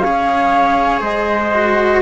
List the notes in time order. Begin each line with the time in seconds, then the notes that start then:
0.00 C#4 G#4 C#5 F5
1.01 G#3 C5 D#5
1.54 F#4